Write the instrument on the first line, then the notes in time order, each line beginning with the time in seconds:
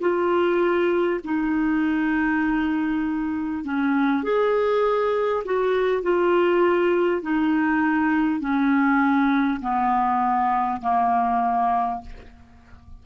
clarinet
0.00 F4
1.24 D#4
3.64 C#4
4.23 G#4
5.44 F#4
6.02 F4
7.22 D#4
8.39 C#4
9.61 B3
10.81 A#3